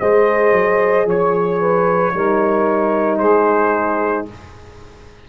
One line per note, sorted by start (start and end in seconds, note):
0.00 0.52 G#3
0.00 2.15 G#4
0.00 1.06 C5
0.00 1.07 D#5
0.52 1.05 F#3
1.06 2.13 F3
1.06 1.59 C#5
1.06 3.18 C#5
1.59 2.13 B4
2.14 3.21 G3
2.14 4.29 D#4
2.14 3.19 A#4
3.18 4.28 G#3
3.18 4.26 G#4
3.18 4.25 C5